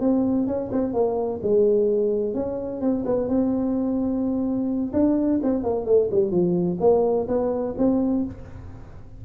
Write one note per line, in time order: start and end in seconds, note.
0.00 0.47 C4
0.47 0.70 C#4
0.72 0.93 C4
0.93 1.40 A#3
1.42 2.34 G#3
2.34 2.81 C#4
2.81 3.04 C4
3.05 3.28 B3
3.28 4.92 C4
4.93 5.40 D4
5.43 5.63 C4
5.63 5.85 A#3
5.85 6.09 A3
6.11 6.31 G3
6.31 6.78 F3
6.80 7.27 A#3
7.28 7.75 B3
7.78 8.25 C4